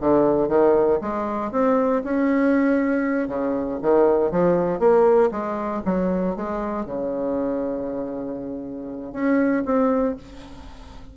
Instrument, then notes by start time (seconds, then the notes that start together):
bassoon
0.00 D3
0.48 D#3
1.01 G#3
1.51 C4
2.04 C#4
3.27 C#3
3.82 D#3
4.31 F3
4.79 A#3
5.31 G#3
5.85 F#3
6.35 G#3
6.85 C#3
9.12 C#4
9.65 C4